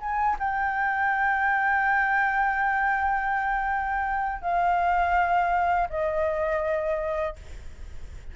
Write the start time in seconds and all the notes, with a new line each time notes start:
0.00 G#5
0.39 G5
4.41 F5
5.89 D#5